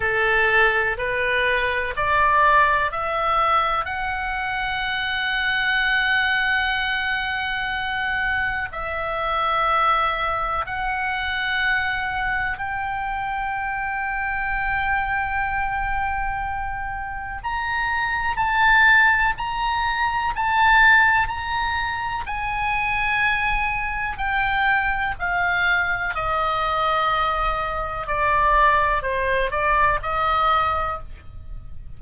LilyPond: \new Staff \with { instrumentName = "oboe" } { \time 4/4 \tempo 4 = 62 a'4 b'4 d''4 e''4 | fis''1~ | fis''4 e''2 fis''4~ | fis''4 g''2.~ |
g''2 ais''4 a''4 | ais''4 a''4 ais''4 gis''4~ | gis''4 g''4 f''4 dis''4~ | dis''4 d''4 c''8 d''8 dis''4 | }